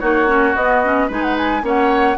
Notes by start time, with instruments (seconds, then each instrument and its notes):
0.00 bassoon A#3, clarinet D#4, oboe F#4, flute C#5
0.27 clarinet C#4
0.55 bassoon B3, clarinet B3, flute D#5
0.84 clarinet C#4
1.07 bassoon G#3, clarinet D#4, oboe B4, flute G#5
1.22 flute F#5
1.38 flute G#5
1.62 bassoon A#3, clarinet C#4, oboe C#5, flute F#5